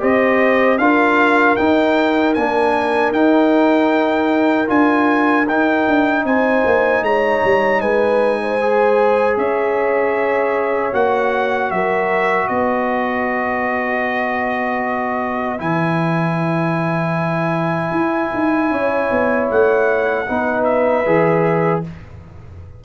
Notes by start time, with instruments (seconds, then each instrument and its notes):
0.00 tuba C4, trombone G4, horn C5, trumpet D#5
0.78 tuba D4, trombone F4, horn A#4, trumpet F5
1.56 trombone D#4, tuba D#4, trumpet G5
2.34 tuba A#3, trombone D4, trumpet G#5
3.11 tuba D#4, trombone D#4, trumpet G5
4.67 tuba D4, trombone F4, trumpet G#5
5.47 tuba D#4, trombone D#4, trumpet G5
5.87 tuba D4
6.24 tuba C4, horn C5, trumpet G#5
6.65 tuba A#3
7.02 tuba G#3, horn C#5, trumpet A#5
7.44 tuba G3
7.81 tuba G#3, horn B4, trumpet G#5
8.42 horn C5
8.61 trombone G#4
9.37 tuba C#4, horn C#5, trumpet E5
10.92 tuba A#3, trombone F#4, trumpet F#5
11.71 tuba F#3, horn A#4, trumpet E5
12.48 tuba B3, horn B4, trumpet D#5
15.58 tuba E3, trombone E4, trumpet G#5
17.91 tuba E4
18.34 tuba D#4
18.71 tuba C#4, horn C#5
19.11 tuba B3
19.50 tuba A3, trumpet F#5
20.27 tuba B3, trombone D#4, horn B4
20.64 trumpet E5
21.05 tuba E3, trombone G#4